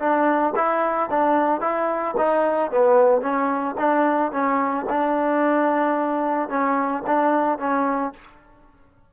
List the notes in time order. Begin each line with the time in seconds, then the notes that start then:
0.00 D4
0.56 E4
1.10 D4
1.61 E4
2.18 D#4
2.71 B3
3.22 C#4
3.78 D4
4.32 C#4
4.90 D4
6.49 C#4
7.07 D4
7.59 C#4